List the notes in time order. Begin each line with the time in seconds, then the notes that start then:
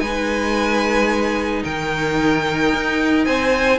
0.00 G#3 D#4 B4 G#5
1.64 D#3 A#4 G5
2.73 D#4
3.24 C4 C5 G#5